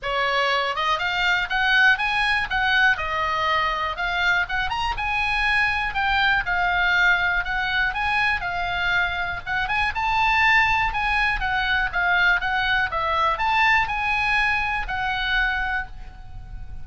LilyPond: \new Staff \with { instrumentName = "oboe" } { \time 4/4 \tempo 4 = 121 cis''4. dis''8 f''4 fis''4 | gis''4 fis''4 dis''2 | f''4 fis''8 ais''8 gis''2 | g''4 f''2 fis''4 |
gis''4 f''2 fis''8 gis''8 | a''2 gis''4 fis''4 | f''4 fis''4 e''4 a''4 | gis''2 fis''2 | }